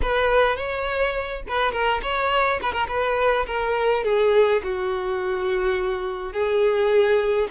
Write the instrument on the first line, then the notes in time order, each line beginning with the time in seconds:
violin
0.02 B4
0.56 C#5
1.48 B4
1.72 A#4
2.02 C#5
2.61 B4
2.72 A#4
2.88 B4
3.46 A#4
4.04 G#4
4.63 F#4
6.32 G#4